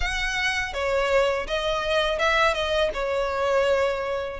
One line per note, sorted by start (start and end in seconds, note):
0.00 0.73 F#5
0.73 1.46 C#5
1.47 2.19 D#5
2.19 2.53 E5
2.53 2.90 D#5
2.93 4.40 C#5